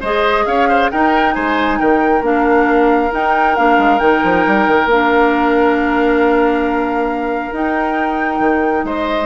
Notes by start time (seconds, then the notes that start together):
0.00 G#3 G#4 C5 D#5
0.45 C#4 C#5 F5
0.69 C5
0.91 D#4 A#4 G5
1.34 G#3 C5 G#5
1.78 D#3 A#4 G5
2.21 A#3 D4 F5
3.10 D#4 G5
3.56 A#3 D4 F5
3.78 G#3
3.99 D#3 D#4 G5
4.23 F3
4.47 G3
4.67 D#3
4.86 A#3 F5
4.92 D4
7.51 D#4 G5
8.39 D#3
8.83 G#3 C5 D#5